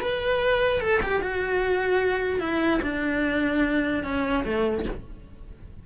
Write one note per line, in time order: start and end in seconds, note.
0.00 0.80 B4
0.80 1.00 A4
1.02 1.21 G4
1.21 2.40 F#4
2.40 2.80 E4
2.82 4.03 D4
4.03 4.44 C#4
4.44 4.85 A3